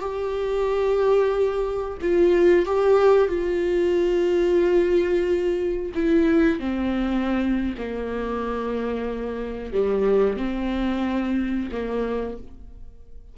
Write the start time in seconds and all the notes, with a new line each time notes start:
0.00 G4
2.01 F4
2.66 G4
3.28 F4
5.95 E4
6.60 C4
7.78 A#3
9.73 G3
10.37 C4
11.72 A#3